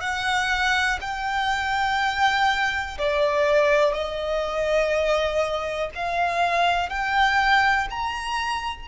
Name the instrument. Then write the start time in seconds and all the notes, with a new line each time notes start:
violin
0.00 F#5
1.01 G5
2.98 D5
3.93 D#5
5.95 F5
6.89 G5
7.90 A#5